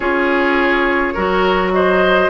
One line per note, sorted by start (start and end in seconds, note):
0.00 1.12 C#4
0.00 1.16 F4
0.00 1.13 G#4
0.00 1.71 C#5
1.13 2.29 F#3
1.13 2.29 F#4
1.13 1.71 A#4
1.73 2.29 C5
1.73 2.29 D#5